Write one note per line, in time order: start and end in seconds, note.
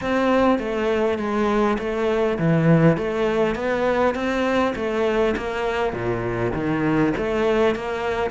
0.01 0.58 C4
0.58 1.18 A3
1.18 1.77 G#3
1.78 2.38 A3
2.38 2.97 E3
2.97 3.55 A3
3.55 4.14 B3
4.14 4.74 C4
4.75 5.35 A3
5.36 5.93 A#3
5.93 6.52 A#2
6.53 7.13 D#3
7.17 7.75 A3
7.75 8.30 A#3